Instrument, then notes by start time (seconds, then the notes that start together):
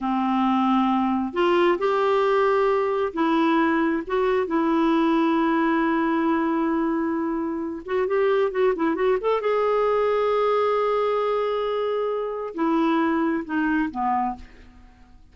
clarinet
0.01 C4
1.33 F4
1.78 G4
3.13 E4
4.06 F#4
4.47 E4
7.85 F#4
8.07 G4
8.51 F#4
8.75 E4
8.95 F#4
9.20 A4
9.40 G#4
12.54 E4
13.45 D#4
13.90 B3